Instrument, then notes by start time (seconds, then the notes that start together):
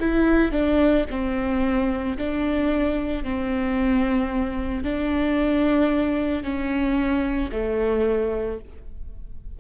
viola
0.00 E4
0.52 D4
1.10 C4
2.18 D4
3.24 C4
4.84 D4
6.43 C#4
7.52 A3